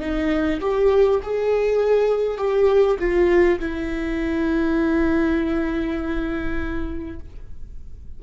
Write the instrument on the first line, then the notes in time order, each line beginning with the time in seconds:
viola
0.00 D#4
0.60 G4
1.23 G#4
2.37 G4
2.99 F4
3.59 E4